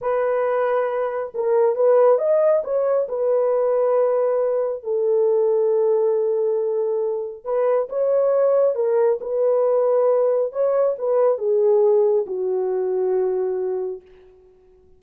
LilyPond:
\new Staff \with { instrumentName = "horn" } { \time 4/4 \tempo 4 = 137 b'2. ais'4 | b'4 dis''4 cis''4 b'4~ | b'2. a'4~ | a'1~ |
a'4 b'4 cis''2 | ais'4 b'2. | cis''4 b'4 gis'2 | fis'1 | }